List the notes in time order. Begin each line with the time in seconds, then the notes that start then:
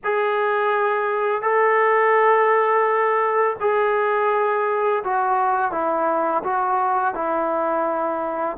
0.04 G#4
1.42 A4
3.60 G#4
5.04 F#4
5.71 E4
6.43 F#4
7.14 E4